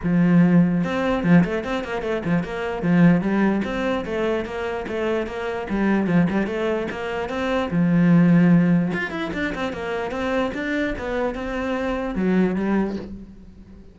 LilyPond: \new Staff \with { instrumentName = "cello" } { \time 4/4 \tempo 4 = 148 f2 c'4 f8 a8 | c'8 ais8 a8 f8 ais4 f4 | g4 c'4 a4 ais4 | a4 ais4 g4 f8 g8 |
a4 ais4 c'4 f4~ | f2 f'8 e'8 d'8 c'8 | ais4 c'4 d'4 b4 | c'2 fis4 g4 | }